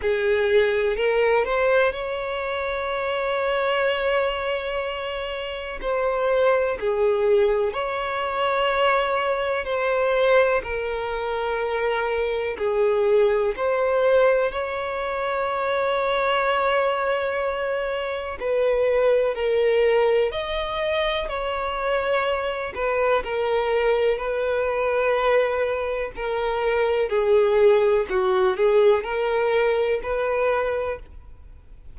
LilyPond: \new Staff \with { instrumentName = "violin" } { \time 4/4 \tempo 4 = 62 gis'4 ais'8 c''8 cis''2~ | cis''2 c''4 gis'4 | cis''2 c''4 ais'4~ | ais'4 gis'4 c''4 cis''4~ |
cis''2. b'4 | ais'4 dis''4 cis''4. b'8 | ais'4 b'2 ais'4 | gis'4 fis'8 gis'8 ais'4 b'4 | }